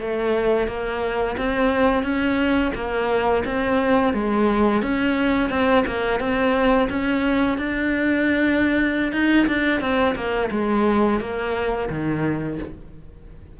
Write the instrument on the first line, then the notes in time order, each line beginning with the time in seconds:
cello
0.00 A3
0.67 A#3
1.37 C4
2.03 C#4
2.75 A#3
3.45 C4
4.13 G#3
4.82 C#4
5.50 C4
5.86 A#3
6.19 C4
6.89 C#4
7.57 D4
9.12 D#4
9.47 D4
9.80 C4
10.15 A#3
10.51 G#3
11.20 A#3
11.89 D#3